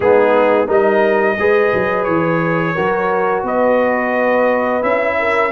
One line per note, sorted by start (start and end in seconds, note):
0.00 0.67 G#3
0.00 0.67 B3
0.00 0.66 D#4
0.00 0.69 G#4
0.66 1.37 G3
0.66 1.36 D#4
0.66 1.35 A#4
0.66 2.04 D#5
1.38 1.72 G#3
1.38 2.75 G#4
1.38 2.75 B4
1.74 2.07 F#3
2.04 2.76 E3
2.04 3.42 C#5
2.75 3.43 F#3
2.75 4.81 F#4
2.75 3.44 A#4
3.43 4.81 B3
3.43 5.17 B4
3.43 4.83 D#5
4.81 5.51 C#4
4.81 5.50 E4
4.81 5.51 E5
5.19 5.51 A#4